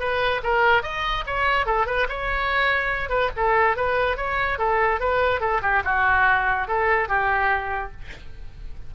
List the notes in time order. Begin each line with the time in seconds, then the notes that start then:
0.00 B4
0.44 A#4
0.83 D#5
1.27 C#5
1.66 A4
1.87 B4
2.09 C#5
3.10 B4
3.37 A4
3.77 B4
4.17 C#5
4.59 A4
5.01 B4
5.41 A4
5.63 G4
5.85 F#4
6.68 A4
7.09 G4